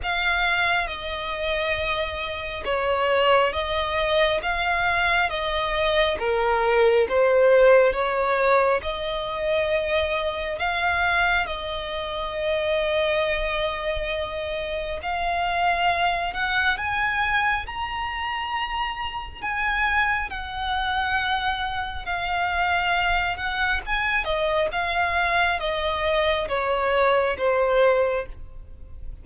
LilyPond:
\new Staff \with { instrumentName = "violin" } { \time 4/4 \tempo 4 = 68 f''4 dis''2 cis''4 | dis''4 f''4 dis''4 ais'4 | c''4 cis''4 dis''2 | f''4 dis''2.~ |
dis''4 f''4. fis''8 gis''4 | ais''2 gis''4 fis''4~ | fis''4 f''4. fis''8 gis''8 dis''8 | f''4 dis''4 cis''4 c''4 | }